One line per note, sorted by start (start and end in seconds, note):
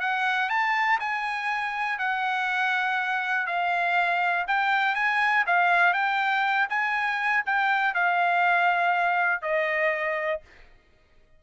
0.00 0.49 F#5
0.49 0.98 A5
0.99 1.98 G#5
1.98 3.46 F#5
3.46 4.45 F5
4.47 4.95 G5
4.95 5.44 G#5
5.46 5.93 F5
5.93 6.67 G5
6.69 7.43 G#5
7.46 7.94 G5
7.94 9.41 F5
9.41 10.41 D#5